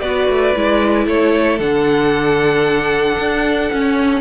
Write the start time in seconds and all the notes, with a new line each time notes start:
0.00 B3 F#4 B4 D5
0.29 A3
0.55 G#3 E4
1.07 A3 A4 C#5
1.59 D3 D4 F#5
3.18 D4
3.72 C#4